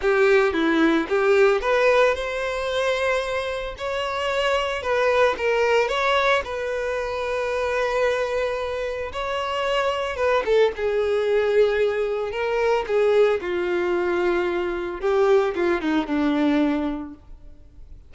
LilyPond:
\new Staff \with { instrumentName = "violin" } { \time 4/4 \tempo 4 = 112 g'4 e'4 g'4 b'4 | c''2. cis''4~ | cis''4 b'4 ais'4 cis''4 | b'1~ |
b'4 cis''2 b'8 a'8 | gis'2. ais'4 | gis'4 f'2. | g'4 f'8 dis'8 d'2 | }